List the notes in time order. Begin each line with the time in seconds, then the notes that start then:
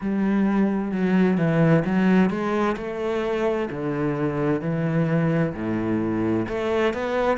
0.00 G3
0.91 F#3
1.37 E3
1.85 F#3
2.30 G#3
2.77 A3
3.70 D3
4.61 E3
5.54 A2
6.48 A3
6.93 B3